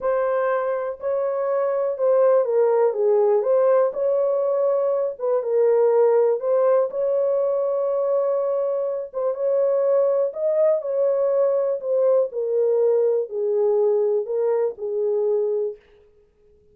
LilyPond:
\new Staff \with { instrumentName = "horn" } { \time 4/4 \tempo 4 = 122 c''2 cis''2 | c''4 ais'4 gis'4 c''4 | cis''2~ cis''8 b'8 ais'4~ | ais'4 c''4 cis''2~ |
cis''2~ cis''8 c''8 cis''4~ | cis''4 dis''4 cis''2 | c''4 ais'2 gis'4~ | gis'4 ais'4 gis'2 | }